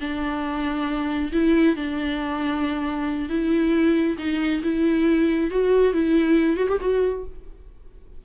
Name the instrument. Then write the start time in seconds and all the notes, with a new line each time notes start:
viola
0.00 D4
1.32 E4
1.75 D4
3.29 E4
4.18 D#4
4.63 E4
5.50 F#4
5.93 E4
6.56 F#4
6.68 G4
6.80 F#4